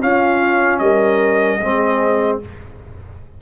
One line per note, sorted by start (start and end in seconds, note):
0.00 1.60 C#4
0.00 0.79 C#4
0.00 0.82 F4
0.00 0.78 F5
0.78 1.59 G3
0.78 1.60 A#4
0.78 2.38 D#5
1.60 2.40 G#3
1.60 2.41 C4
1.60 2.40 G#4